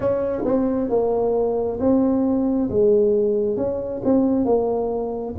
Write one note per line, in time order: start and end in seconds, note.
0.00 0.43 C#4
0.45 0.90 C4
0.90 1.79 A#3
1.80 2.69 C4
2.70 3.57 G#3
3.57 4.01 C#4
4.04 4.45 C4
4.45 5.34 A#3